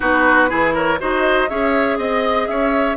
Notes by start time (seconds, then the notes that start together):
0.00 B3 D#4 F#4 B4
0.48 E3 E4 G#4
0.73 A#4 C#5
0.98 D#4 F#4 C5 D#5
1.49 C#4 G#4 C#5 E5
1.98 C4 D#5
2.47 C#4 C#5 E5